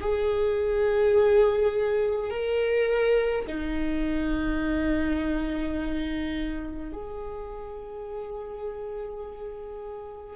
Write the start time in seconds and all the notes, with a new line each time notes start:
0.00 G#4
2.30 A#4
3.46 D#4
6.92 G#4